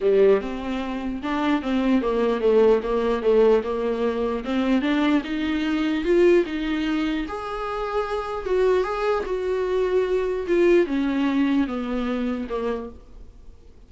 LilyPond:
\new Staff \with { instrumentName = "viola" } { \time 4/4 \tempo 4 = 149 g4 c'2 d'4 | c'4 ais4 a4 ais4 | a4 ais2 c'4 | d'4 dis'2 f'4 |
dis'2 gis'2~ | gis'4 fis'4 gis'4 fis'4~ | fis'2 f'4 cis'4~ | cis'4 b2 ais4 | }